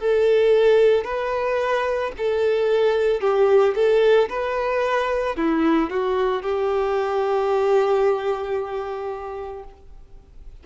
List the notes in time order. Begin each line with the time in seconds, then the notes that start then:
0.00 A4
1.04 B4
2.18 A4
3.21 G4
3.75 A4
4.29 B4
5.36 E4
5.90 F#4
6.42 G4